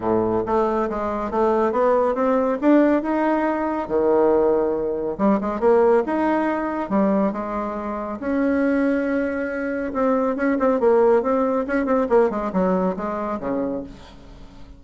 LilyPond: \new Staff \with { instrumentName = "bassoon" } { \time 4/4 \tempo 4 = 139 a,4 a4 gis4 a4 | b4 c'4 d'4 dis'4~ | dis'4 dis2. | g8 gis8 ais4 dis'2 |
g4 gis2 cis'4~ | cis'2. c'4 | cis'8 c'8 ais4 c'4 cis'8 c'8 | ais8 gis8 fis4 gis4 cis4 | }